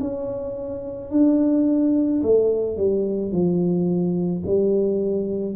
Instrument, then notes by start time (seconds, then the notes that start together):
tuba
0.00 C#4
1.11 D4
2.23 A3
2.77 G3
3.32 F3
4.46 G3